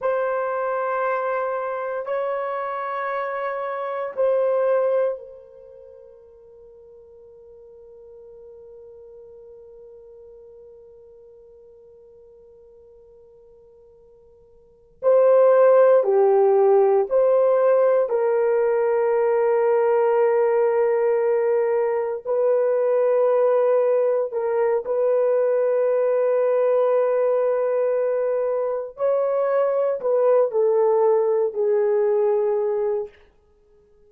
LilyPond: \new Staff \with { instrumentName = "horn" } { \time 4/4 \tempo 4 = 58 c''2 cis''2 | c''4 ais'2.~ | ais'1~ | ais'2~ ais'8 c''4 g'8~ |
g'8 c''4 ais'2~ ais'8~ | ais'4. b'2 ais'8 | b'1 | cis''4 b'8 a'4 gis'4. | }